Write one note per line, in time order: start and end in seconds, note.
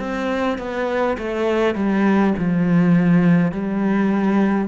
0.00 0.59 C4
0.59 1.18 B3
1.18 1.75 A3
1.75 2.34 G3
2.39 3.52 F3
3.52 4.68 G3